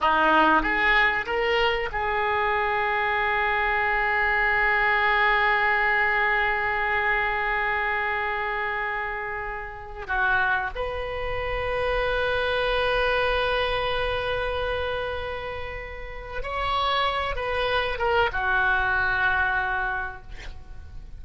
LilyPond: \new Staff \with { instrumentName = "oboe" } { \time 4/4 \tempo 4 = 95 dis'4 gis'4 ais'4 gis'4~ | gis'1~ | gis'1~ | gis'1 |
fis'4 b'2.~ | b'1~ | b'2 cis''4. b'8~ | b'8 ais'8 fis'2. | }